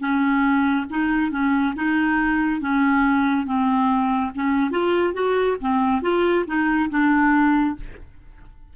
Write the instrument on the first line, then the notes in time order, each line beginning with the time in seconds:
clarinet
0.00 C#4
0.90 D#4
1.31 C#4
1.76 D#4
2.61 C#4
3.46 C4
4.35 C#4
4.71 F4
5.14 F#4
5.61 C4
6.02 F4
6.47 D#4
6.90 D4